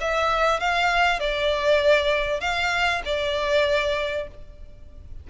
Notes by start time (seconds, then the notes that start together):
0.00 E5
0.60 F5
1.19 D5
2.40 F5
3.05 D5